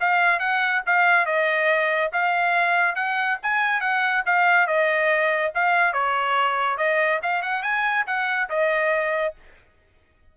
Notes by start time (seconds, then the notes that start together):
0.00 F5
0.39 F#5
0.86 F5
1.26 D#5
2.13 F5
2.95 F#5
3.42 G#5
3.80 F#5
4.26 F5
4.67 D#5
5.55 F5
5.93 C#5
6.77 D#5
7.23 F5
7.42 F#5
7.62 G#5
8.06 F#5
8.49 D#5